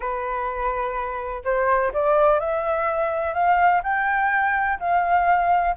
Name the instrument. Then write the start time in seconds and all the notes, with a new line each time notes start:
flute
0.00 B4
1.44 C5
1.93 D5
2.39 E5
3.33 F5
3.83 G5
4.79 F5